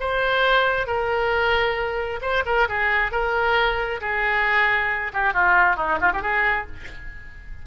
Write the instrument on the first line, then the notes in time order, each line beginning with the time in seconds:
oboe
0.00 C5
0.87 A#4
2.21 C5
2.46 A#4
2.69 G#4
3.12 A#4
4.01 G#4
5.13 G4
5.34 F4
5.76 D#4
6.01 F4
6.13 G4
6.22 G#4